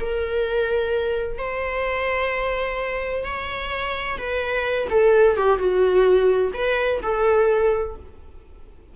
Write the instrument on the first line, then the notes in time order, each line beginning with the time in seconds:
viola
0.00 A#4
1.38 C5
3.25 C#5
4.18 B4
4.90 A4
5.37 G4
5.58 F#4
6.54 B4
7.02 A4